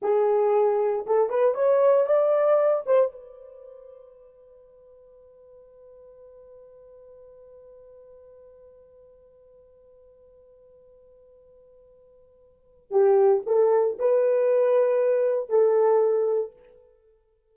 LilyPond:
\new Staff \with { instrumentName = "horn" } { \time 4/4 \tempo 4 = 116 gis'2 a'8 b'8 cis''4 | d''4. c''8 b'2~ | b'1~ | b'1~ |
b'1~ | b'1~ | b'4 g'4 a'4 b'4~ | b'2 a'2 | }